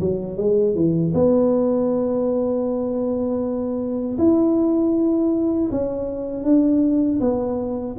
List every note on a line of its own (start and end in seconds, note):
0.00 0.37 F#3
0.37 0.75 G#3
0.75 1.13 E3
1.14 4.18 B3
4.18 5.70 E4
5.71 6.43 C#4
6.43 7.19 D4
7.20 7.96 B3